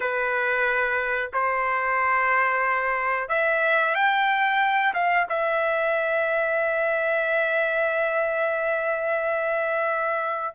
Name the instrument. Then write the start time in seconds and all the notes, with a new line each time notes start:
trumpet
0.00 B4
1.33 C5
3.28 E5
3.94 G5
4.93 F5
5.29 E5